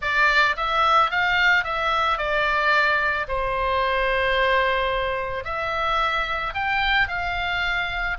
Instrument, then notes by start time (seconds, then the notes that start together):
oboe
0.01 D5
0.56 E5
1.10 F5
1.64 E5
2.17 D5
3.28 C5
5.44 E5
6.54 G5
7.08 F5